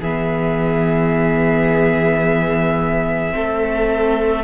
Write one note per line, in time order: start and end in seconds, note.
0.00 3.33 E3
0.00 3.32 B3
0.00 3.35 G#4
0.00 4.45 E5
3.32 4.45 A3
3.32 4.43 C4
3.32 4.45 A4